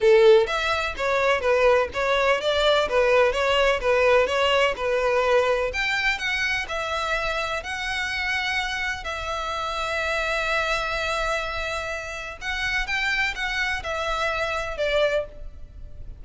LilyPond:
\new Staff \with { instrumentName = "violin" } { \time 4/4 \tempo 4 = 126 a'4 e''4 cis''4 b'4 | cis''4 d''4 b'4 cis''4 | b'4 cis''4 b'2 | g''4 fis''4 e''2 |
fis''2. e''4~ | e''1~ | e''2 fis''4 g''4 | fis''4 e''2 d''4 | }